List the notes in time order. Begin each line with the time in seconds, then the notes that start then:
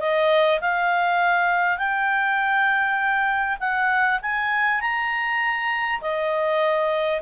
0.00 D#5
0.61 F5
1.78 G5
3.60 F#5
4.22 G#5
4.81 A#5
6.01 D#5